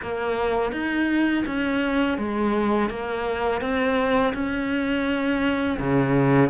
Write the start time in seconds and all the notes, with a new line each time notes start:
0.02 A#3
0.72 D#4
1.46 C#4
2.18 G#3
2.89 A#3
3.61 C4
4.33 C#4
5.79 C#3